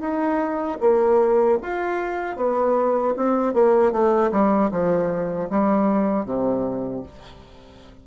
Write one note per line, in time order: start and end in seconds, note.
0.00 0.78 D#4
0.80 1.58 A#3
1.62 2.36 F4
2.36 3.14 B3
3.16 3.53 C4
3.53 3.92 A#3
3.92 4.31 A3
4.31 4.70 G3
4.71 5.49 F3
5.50 6.25 G3
6.25 7.03 C3